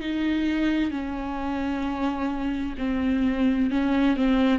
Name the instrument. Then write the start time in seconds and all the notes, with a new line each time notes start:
viola
0.00 D#4
0.90 C#4
2.78 C4
3.70 C#4
4.16 C4